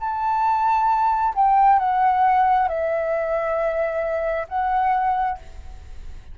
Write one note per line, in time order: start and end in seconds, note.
0.00 1.34 A5
1.35 1.79 G5
1.79 2.68 F#5
2.68 4.47 E5
4.49 5.39 F#5